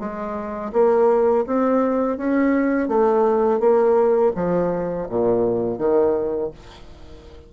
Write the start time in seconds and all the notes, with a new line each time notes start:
0.00 G#3
0.73 A#3
1.47 C4
2.18 C#4
2.88 A3
3.60 A#3
4.36 F3
5.09 A#2
5.79 D#3